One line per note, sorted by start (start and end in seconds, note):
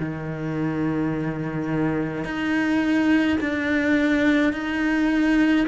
0.00 2.25 D#3
2.25 3.38 D#4
3.41 4.53 D4
4.53 5.66 D#4